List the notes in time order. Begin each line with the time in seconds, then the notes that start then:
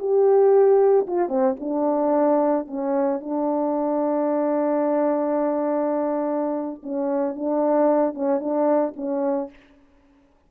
0.00 G4
1.07 F4
1.29 C4
1.60 D4
2.67 C#4
3.21 D4
6.84 C#4
7.36 D4
8.15 C#4
8.40 D4
8.97 C#4